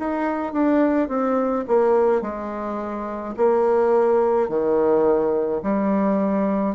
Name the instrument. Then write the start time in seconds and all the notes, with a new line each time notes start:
bassoon
0.00 D#4
0.53 D4
1.09 C4
1.68 A#3
2.22 G#3
3.37 A#3
4.49 D#3
5.63 G3